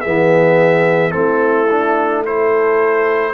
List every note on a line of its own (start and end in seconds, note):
0.00 1.14 E3
0.00 1.11 B3
0.00 1.12 G#4
0.00 1.11 E5
1.11 3.33 A3
1.11 1.66 C4
1.11 2.25 E4
1.11 2.22 A4
1.70 2.25 D4
2.25 3.33 E4
2.25 3.33 A4
2.25 3.33 C5